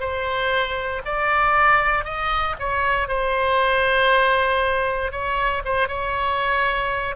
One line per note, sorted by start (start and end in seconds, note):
0.00 1.02 C5
1.05 2.04 D5
2.04 2.55 D#5
2.59 3.08 C#5
3.08 5.11 C5
5.11 5.62 C#5
5.64 5.88 C5
5.88 7.15 C#5